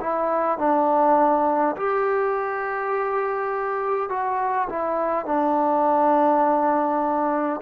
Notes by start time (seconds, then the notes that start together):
0.00 E4
0.58 D4
1.76 G4
4.09 F#4
4.69 E4
5.25 D4